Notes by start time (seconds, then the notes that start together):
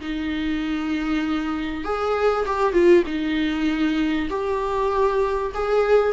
0.00 D#4
1.84 G#4
2.45 G4
2.72 F4
3.06 D#4
4.29 G4
5.54 G#4